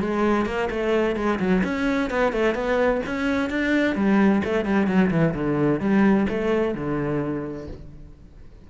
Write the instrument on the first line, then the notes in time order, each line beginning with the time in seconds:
cello
0.00 G#3
0.46 A#3
0.70 A3
1.15 G#3
1.39 F#3
1.64 C#4
2.10 B3
2.33 A3
2.55 B3
3.06 C#4
3.49 D4
3.96 G3
4.44 A3
4.65 G3
4.87 F#3
5.10 E3
5.34 D3
5.80 G3
6.29 A3
6.74 D3